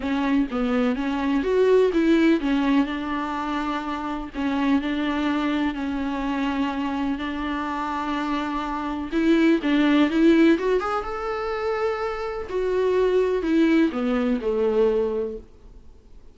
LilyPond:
\new Staff \with { instrumentName = "viola" } { \time 4/4 \tempo 4 = 125 cis'4 b4 cis'4 fis'4 | e'4 cis'4 d'2~ | d'4 cis'4 d'2 | cis'2. d'4~ |
d'2. e'4 | d'4 e'4 fis'8 gis'8 a'4~ | a'2 fis'2 | e'4 b4 a2 | }